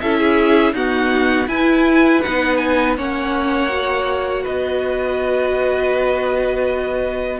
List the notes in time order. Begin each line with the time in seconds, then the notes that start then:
0.00 C#4 E4 A4 E5
0.19 G#4
0.72 B3 D#4 F#4 F#5
1.47 E4 B4 G#5
2.22 B3 D#4 F#5
2.57 G#5
2.97 A#3 C#4 C#5 F#5
3.69 F#4
4.43 B3 B4 D#5